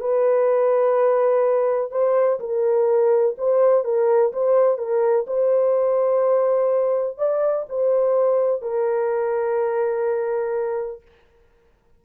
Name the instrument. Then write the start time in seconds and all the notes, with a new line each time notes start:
horn
0.00 B4
1.91 C5
2.40 A#4
3.38 C5
3.84 A#4
4.32 C5
4.78 A#4
5.27 C5
7.18 D5
7.69 C5
8.62 A#4